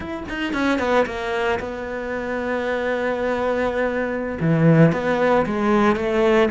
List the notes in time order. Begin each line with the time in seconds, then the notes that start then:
0.00 E4
0.28 D#4
0.53 C#4
0.78 B3
1.06 A#3
1.59 B3
4.40 E3
4.92 B3
5.46 G#3
5.96 A3